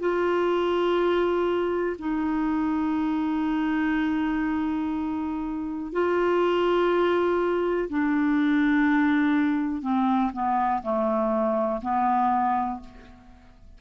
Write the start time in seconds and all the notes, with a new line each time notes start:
0.00 F4
1.99 D#4
5.93 F4
7.90 D4
9.83 C4
10.33 B3
10.83 A3
11.82 B3